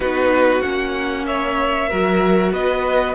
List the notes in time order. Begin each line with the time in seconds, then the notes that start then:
0.00 B3 D#4 F#4 B4
0.61 A#3 C#4 F#5
1.26 C#5 E5
1.89 F#3 F#4 A#4
2.52 B3 B4 D#5